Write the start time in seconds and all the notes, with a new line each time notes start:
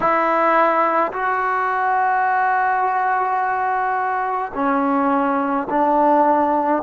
0.00 E4
1.12 F#4
4.54 C#4
5.69 D4